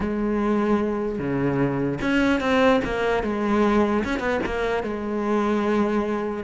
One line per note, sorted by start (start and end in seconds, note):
0.00 1.18 G#3
1.18 1.99 C#3
2.01 2.40 C#4
2.40 2.80 C4
2.84 3.23 A#3
3.23 4.03 G#3
4.04 4.19 C#4
4.19 4.39 B3
4.45 4.83 A#3
4.83 6.43 G#3